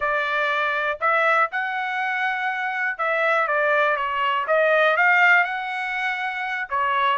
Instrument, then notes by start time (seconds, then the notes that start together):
trumpet
0.00 D5
1.00 E5
1.51 F#5
2.98 E5
3.47 D5
3.96 C#5
4.47 D#5
4.97 F5
5.44 F#5
6.69 C#5